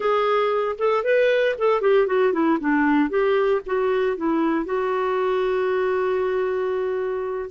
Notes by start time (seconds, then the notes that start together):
0.00 G#4
0.78 A4
1.03 B4
1.58 A4
1.81 G4
2.06 F#4
2.32 E4
2.60 D4
3.09 G4
3.66 F#4
4.16 E4
4.65 F#4